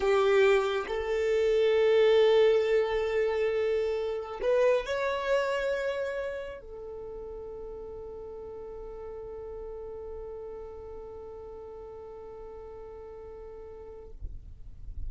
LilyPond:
\new Staff \with { instrumentName = "violin" } { \time 4/4 \tempo 4 = 136 g'2 a'2~ | a'1~ | a'2 b'4 cis''4~ | cis''2. a'4~ |
a'1~ | a'1~ | a'1~ | a'1 | }